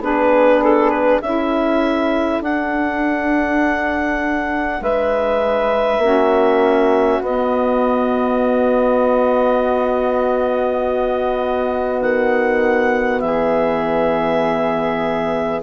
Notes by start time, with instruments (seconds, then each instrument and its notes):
0.00 bassoon B3, saxophone D4, flute G#4, clarinet B4
0.63 clarinet A4
0.90 clarinet B4
1.22 bassoon C#4, saxophone E4, flute A4, clarinet E5
2.41 bassoon D4, saxophone D4, clarinet F#5
4.80 bassoon G#3, flute B4, clarinet E5
5.98 bassoon A#3, saxophone C#4, flute F#4
7.21 bassoon B3, saxophone B3, clarinet D#5
12.01 bassoon D#3, clarinet F#5
13.20 bassoon E3, flute G#4, clarinet E5